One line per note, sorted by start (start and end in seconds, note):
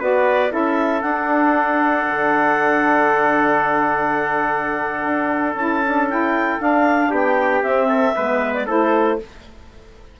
0.00 0.52 B3
0.00 0.49 F#4
0.00 0.52 B4
0.00 0.53 D5
0.49 1.03 C#4
0.49 1.01 E4
0.49 7.10 A4
0.49 1.01 E5
1.01 2.06 D4
1.01 5.58 D4
1.01 5.54 F#5
2.07 5.04 D3
5.04 5.54 D4
5.54 6.58 C#4
5.54 5.84 E4
5.54 6.07 A5
5.85 6.10 D4
6.10 6.59 E4
6.10 6.61 G5
6.59 7.62 D4
6.59 7.11 D4
6.59 7.12 F5
7.10 7.62 B3
7.10 7.88 G4
7.10 7.63 G5
7.62 8.14 C4
7.62 8.16 C4
7.62 8.54 E5
7.89 8.15 A4
8.16 8.68 G#3
8.16 8.68 B3
8.16 8.66 B4
8.54 8.67 D5
8.66 9.20 A3
8.66 9.19 E4
8.66 9.18 A4
8.66 9.20 C5